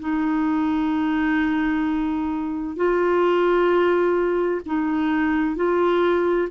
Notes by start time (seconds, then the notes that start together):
0.00 D#4
2.76 F4
4.66 D#4
5.56 F4